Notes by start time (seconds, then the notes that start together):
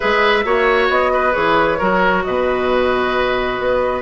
0.00 G#3 G#4 B4 E5
0.44 A#3 F#4 C#5
0.89 B3 D#5
1.13 B4
1.32 E3 G#4 C#5
1.78 F#3 F#4 A#4
2.23 B2 B4 D#5
3.59 B3